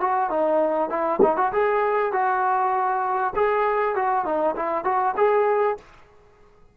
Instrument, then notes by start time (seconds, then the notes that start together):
trombone
0.00 F#4
0.30 D#4
0.89 E4
1.22 D#4
1.37 F#4
1.52 G#4
2.12 F#4
3.35 G#4
3.95 F#4
4.25 D#4
4.56 E4
4.84 F#4
5.16 G#4